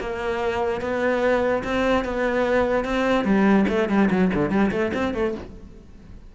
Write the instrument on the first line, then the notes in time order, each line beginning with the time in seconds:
cello
0.00 A#3
0.81 B3
1.64 C4
2.05 B3
2.85 C4
3.24 G3
3.69 A3
3.89 G3
4.10 F#3
4.34 D3
4.50 G3
4.71 A3
4.94 C4
5.14 A3